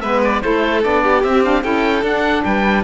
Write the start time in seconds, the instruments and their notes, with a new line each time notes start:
0.00 cello G#3, saxophone B3, violin B4, oboe E5
0.24 oboe D5
0.41 cello A3, saxophone E4, violin A4, oboe C5
0.82 cello B3, saxophone D4, oboe D5
1.03 violin G4
1.22 cello C4, saxophone C4, oboe E5
1.43 saxophone D4, oboe F5
1.62 cello C#4, saxophone E4, violin A4, oboe G5
2.03 cello D4, saxophone D4, oboe F#5
2.43 cello G3, violin B4, oboe G5